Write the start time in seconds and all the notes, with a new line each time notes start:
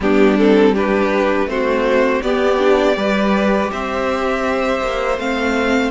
0.00 G3 B3 D4 G4
0.38 C4 A4
0.73 D4 G4 B4
1.45 A3 C4 F#4 C5
2.22 B3 G4 D5
2.58 D4
2.95 G3 G4 B4
3.71 C4 C5 E5
4.81 A#3
5.17 A3 C4 F5